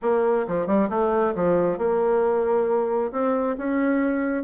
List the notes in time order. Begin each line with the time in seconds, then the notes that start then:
0.02 A#3
0.47 F3
0.66 G3
0.89 A3
1.35 F3
1.78 A#3
3.12 C4
3.57 C#4